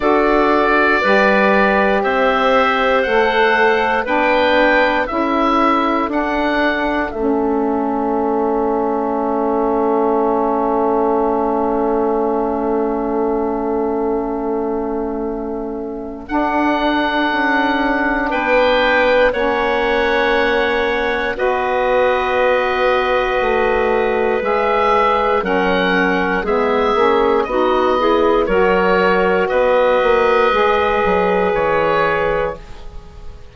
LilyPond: <<
  \new Staff \with { instrumentName = "oboe" } { \time 4/4 \tempo 4 = 59 d''2 e''4 fis''4 | g''4 e''4 fis''4 e''4~ | e''1~ | e''1 |
fis''2 g''4 fis''4~ | fis''4 dis''2. | e''4 fis''4 e''4 dis''4 | cis''4 dis''2 cis''4 | }
  \new Staff \with { instrumentName = "clarinet" } { \time 4/4 a'4 b'4 c''2 | b'4 a'2.~ | a'1~ | a'1~ |
a'2 b'4 cis''4~ | cis''4 b'2.~ | b'4 ais'4 gis'4 fis'8 gis'8 | ais'4 b'2. | }
  \new Staff \with { instrumentName = "saxophone" } { \time 4/4 fis'4 g'2 a'4 | d'4 e'4 d'4 cis'4~ | cis'1~ | cis'1 |
d'2. cis'4~ | cis'4 fis'2. | gis'4 cis'4 b8 cis'8 dis'8 e'8 | fis'2 gis'2 | }
  \new Staff \with { instrumentName = "bassoon" } { \time 4/4 d'4 g4 c'4 a4 | b4 cis'4 d'4 a4~ | a1~ | a1 |
d'4 cis'4 b4 ais4~ | ais4 b2 a4 | gis4 fis4 gis8 ais8 b4 | fis4 b8 ais8 gis8 fis8 e4 | }
>>